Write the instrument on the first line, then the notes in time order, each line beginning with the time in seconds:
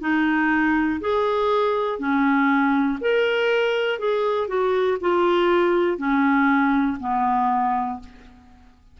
clarinet
0.00 D#4
1.00 G#4
1.99 C#4
3.00 A#4
3.99 G#4
4.47 F#4
5.00 F4
5.97 C#4
6.99 B3